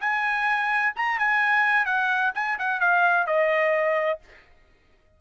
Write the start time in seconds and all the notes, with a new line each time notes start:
0.00 G#5
0.96 A#5
1.18 G#5
1.85 F#5
2.34 G#5
2.58 F#5
2.80 F5
3.26 D#5